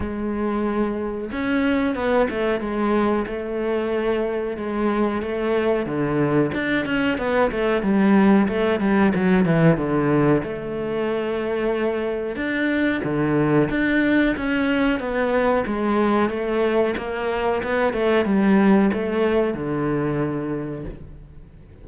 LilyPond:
\new Staff \with { instrumentName = "cello" } { \time 4/4 \tempo 4 = 92 gis2 cis'4 b8 a8 | gis4 a2 gis4 | a4 d4 d'8 cis'8 b8 a8 | g4 a8 g8 fis8 e8 d4 |
a2. d'4 | d4 d'4 cis'4 b4 | gis4 a4 ais4 b8 a8 | g4 a4 d2 | }